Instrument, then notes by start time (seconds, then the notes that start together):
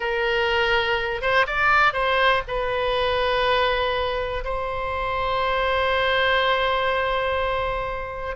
oboe
0.00 A#4
1.21 C5
1.46 D5
1.93 C5
2.47 B4
4.44 C5